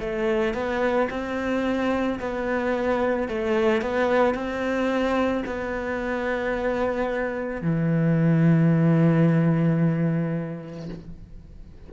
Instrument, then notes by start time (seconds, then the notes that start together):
cello
0.00 A3
0.54 B3
1.10 C4
2.19 B3
3.28 A3
3.81 B3
4.34 C4
5.45 B3
7.61 E3